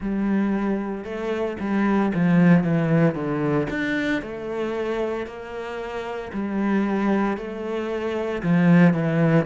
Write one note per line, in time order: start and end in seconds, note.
0.00 1.04 G3
1.04 1.56 A3
1.59 2.12 G3
2.14 2.63 F3
2.63 3.14 E3
3.14 3.67 D3
3.70 4.22 D4
4.22 5.26 A3
5.26 6.32 A#3
6.33 7.37 G3
7.37 8.42 A3
8.42 8.93 F3
8.93 9.45 E3